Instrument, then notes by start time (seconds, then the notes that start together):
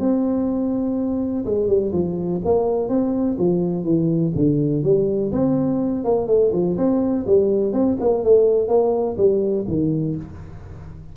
tuba
0.00 C4
1.45 G#3
1.68 G3
1.93 F3
2.45 A#3
2.89 C4
3.38 F3
3.84 E3
4.35 D3
4.83 G3
5.32 C4
6.05 A#3
6.27 A3
6.53 F3
6.77 C4
7.27 G3
7.73 C4
8.00 A#3
8.24 A3
8.68 A#3
9.17 G3
9.68 D#3